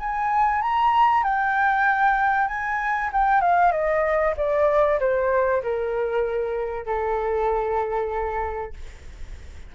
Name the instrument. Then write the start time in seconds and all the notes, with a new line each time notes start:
flute
0.00 G#5
0.62 A#5
1.24 G5
2.48 G#5
3.13 G5
3.41 F5
3.72 D#5
4.38 D5
5.00 C5
5.63 A#4
6.86 A4